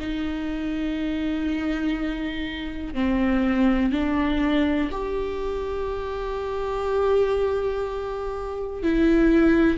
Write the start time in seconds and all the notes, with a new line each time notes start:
0.00 D#4
2.95 C4
3.92 D4
4.91 G4
8.83 E4